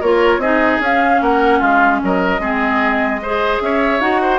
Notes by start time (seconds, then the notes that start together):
0.00 A#3 F4 A#4 C#5
0.38 C4 D#4 G#4 D#5
0.80 C#4 F5
1.21 A#3 A#4 F#5
1.59 G#3 F4 F5
2.03 F#3 A#4 D#5
2.39 G#3 C4 G#4
3.22 G#4 C5
3.61 C#4 C#5 E5
4.00 D#4 F#4 F#5
4.22 C5